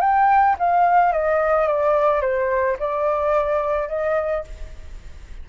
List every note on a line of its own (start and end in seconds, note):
0.00 0.56 G5
0.59 1.12 F5
1.12 1.67 D#5
1.67 2.21 D5
2.21 2.77 C5
2.79 3.88 D5
3.88 4.44 D#5